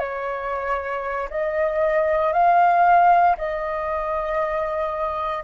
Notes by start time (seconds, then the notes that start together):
0.00 C#5
1.31 D#5
2.34 F5
3.38 D#5